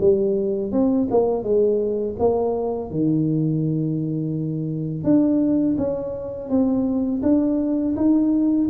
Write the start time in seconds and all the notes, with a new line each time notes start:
0.00 G3
0.72 C4
1.10 A#3
1.44 G#3
2.19 A#3
2.90 D#3
5.04 D4
5.78 C#4
6.49 C4
7.23 D4
7.96 D#4